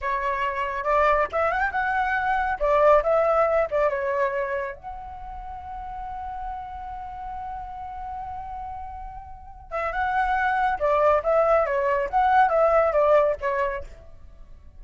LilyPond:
\new Staff \with { instrumentName = "flute" } { \time 4/4 \tempo 4 = 139 cis''2 d''4 e''8 fis''16 g''16 | fis''2 d''4 e''4~ | e''8 d''8 cis''2 fis''4~ | fis''1~ |
fis''1~ | fis''2~ fis''8 e''8 fis''4~ | fis''4 d''4 e''4 cis''4 | fis''4 e''4 d''4 cis''4 | }